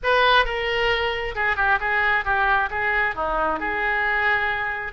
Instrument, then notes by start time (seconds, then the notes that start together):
oboe
0.03 B4
0.45 A#4
1.35 G#4
1.56 G4
1.80 G#4
2.24 G4
2.70 G#4
3.15 D#4
3.59 G#4